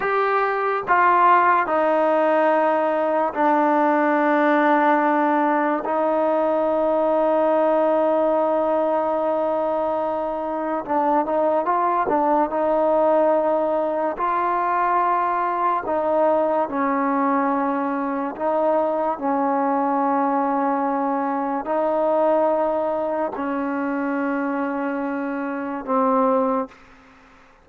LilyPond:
\new Staff \with { instrumentName = "trombone" } { \time 4/4 \tempo 4 = 72 g'4 f'4 dis'2 | d'2. dis'4~ | dis'1~ | dis'4 d'8 dis'8 f'8 d'8 dis'4~ |
dis'4 f'2 dis'4 | cis'2 dis'4 cis'4~ | cis'2 dis'2 | cis'2. c'4 | }